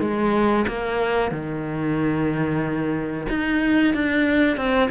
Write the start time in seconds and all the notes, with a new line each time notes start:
0.00 G#3
0.67 A#3
1.31 D#3
3.29 D#4
3.94 D4
4.57 C4